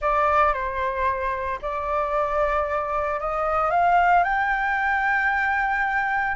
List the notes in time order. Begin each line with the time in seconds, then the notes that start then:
0.01 D5
0.53 C5
1.62 D5
3.20 D#5
3.70 F5
4.23 G5